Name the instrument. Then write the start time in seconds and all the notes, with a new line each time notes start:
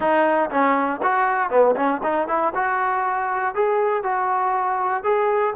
trombone
0.00 D#4
0.50 C#4
1.02 F#4
1.49 B3
1.76 C#4
2.03 D#4
2.28 E4
2.55 F#4
3.54 G#4
4.03 F#4
5.03 G#4